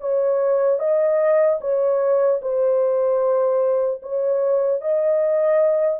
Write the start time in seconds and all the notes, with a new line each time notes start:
0.00 C#5
0.79 D#5
1.60 C#5
2.41 C5
4.02 C#5
4.81 D#5